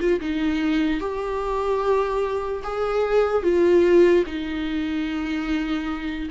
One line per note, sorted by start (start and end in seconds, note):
0.00 0.20 F4
0.20 1.01 D#4
1.01 2.63 G4
2.64 3.43 G#4
3.43 4.24 F4
4.26 6.29 D#4